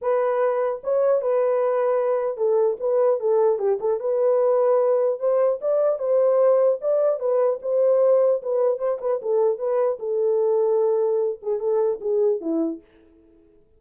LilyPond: \new Staff \with { instrumentName = "horn" } { \time 4/4 \tempo 4 = 150 b'2 cis''4 b'4~ | b'2 a'4 b'4 | a'4 g'8 a'8 b'2~ | b'4 c''4 d''4 c''4~ |
c''4 d''4 b'4 c''4~ | c''4 b'4 c''8 b'8 a'4 | b'4 a'2.~ | a'8 gis'8 a'4 gis'4 e'4 | }